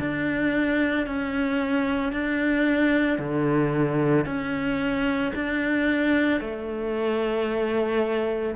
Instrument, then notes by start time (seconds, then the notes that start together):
cello
0.00 D4
1.06 C#4
2.12 D4
3.19 D3
4.26 C#4
5.35 D4
6.40 A3